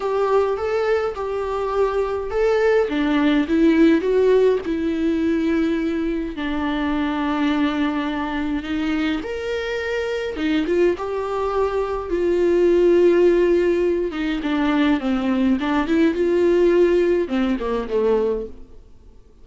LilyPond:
\new Staff \with { instrumentName = "viola" } { \time 4/4 \tempo 4 = 104 g'4 a'4 g'2 | a'4 d'4 e'4 fis'4 | e'2. d'4~ | d'2. dis'4 |
ais'2 dis'8 f'8 g'4~ | g'4 f'2.~ | f'8 dis'8 d'4 c'4 d'8 e'8 | f'2 c'8 ais8 a4 | }